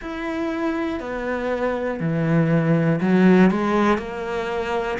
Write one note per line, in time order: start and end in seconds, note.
0.01 1.00 E4
1.00 2.00 B3
2.00 3.00 E3
3.01 3.50 F#3
3.50 3.98 G#3
3.98 4.97 A#3